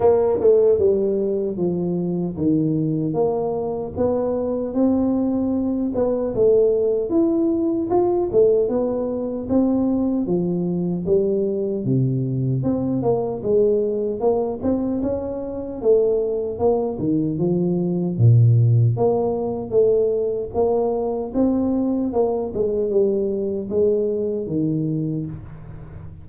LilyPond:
\new Staff \with { instrumentName = "tuba" } { \time 4/4 \tempo 4 = 76 ais8 a8 g4 f4 dis4 | ais4 b4 c'4. b8 | a4 e'4 f'8 a8 b4 | c'4 f4 g4 c4 |
c'8 ais8 gis4 ais8 c'8 cis'4 | a4 ais8 dis8 f4 ais,4 | ais4 a4 ais4 c'4 | ais8 gis8 g4 gis4 dis4 | }